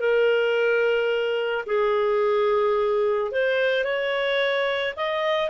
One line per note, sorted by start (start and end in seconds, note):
0.00 1.65 A#4
1.66 3.31 G#4
3.32 3.84 C5
3.84 4.94 C#5
4.96 5.50 D#5